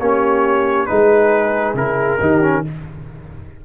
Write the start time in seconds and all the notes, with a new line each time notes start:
0.00 A#3 C#4 G4 C#5
0.86 G#3 D#4 G#4 B4
1.74 C#3 E4 A#4
2.20 D#3 D#4 G4
2.42 C#4